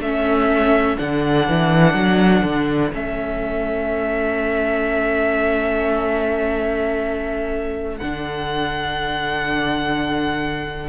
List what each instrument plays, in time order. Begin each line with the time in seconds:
0.00 cello A3, viola C#4, violin A4 E5
0.98 cello D3, viola D4, violin F#5
1.49 cello E3
1.95 cello F#3
2.44 cello D3
2.93 cello A3, viola C#4, violin E5
7.98 cello D3, viola D4, violin F#5